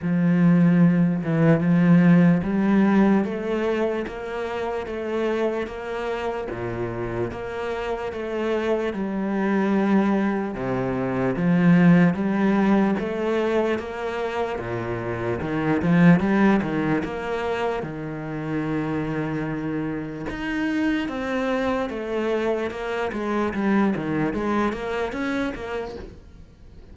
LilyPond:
\new Staff \with { instrumentName = "cello" } { \time 4/4 \tempo 4 = 74 f4. e8 f4 g4 | a4 ais4 a4 ais4 | ais,4 ais4 a4 g4~ | g4 c4 f4 g4 |
a4 ais4 ais,4 dis8 f8 | g8 dis8 ais4 dis2~ | dis4 dis'4 c'4 a4 | ais8 gis8 g8 dis8 gis8 ais8 cis'8 ais8 | }